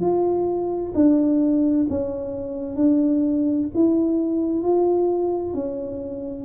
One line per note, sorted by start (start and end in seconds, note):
0.00 0.92 F4
0.94 1.86 D4
1.89 2.76 C#4
2.76 3.68 D4
3.74 4.62 E4
4.62 5.53 F4
5.53 6.44 C#4